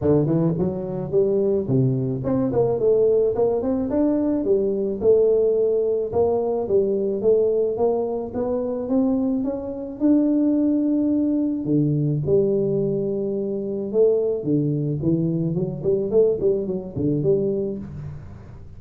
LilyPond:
\new Staff \with { instrumentName = "tuba" } { \time 4/4 \tempo 4 = 108 d8 e8 fis4 g4 c4 | c'8 ais8 a4 ais8 c'8 d'4 | g4 a2 ais4 | g4 a4 ais4 b4 |
c'4 cis'4 d'2~ | d'4 d4 g2~ | g4 a4 d4 e4 | fis8 g8 a8 g8 fis8 d8 g4 | }